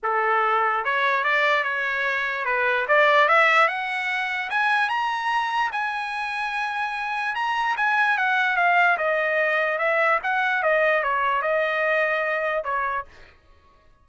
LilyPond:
\new Staff \with { instrumentName = "trumpet" } { \time 4/4 \tempo 4 = 147 a'2 cis''4 d''4 | cis''2 b'4 d''4 | e''4 fis''2 gis''4 | ais''2 gis''2~ |
gis''2 ais''4 gis''4 | fis''4 f''4 dis''2 | e''4 fis''4 dis''4 cis''4 | dis''2. cis''4 | }